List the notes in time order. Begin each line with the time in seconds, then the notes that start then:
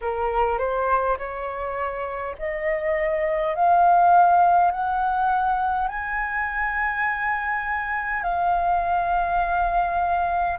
0.01 A#4
0.58 C5
1.18 C#5
2.38 D#5
3.55 F5
4.71 F#5
5.88 G#5
8.22 F5